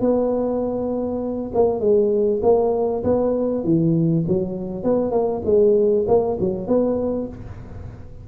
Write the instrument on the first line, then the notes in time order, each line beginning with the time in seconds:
tuba
0.00 B3
1.54 A#3
1.80 G#3
2.42 A#3
3.03 B3
3.64 E3
4.27 F#3
4.83 B3
5.11 A#3
5.45 G#3
6.07 A#3
6.40 F#3
6.67 B3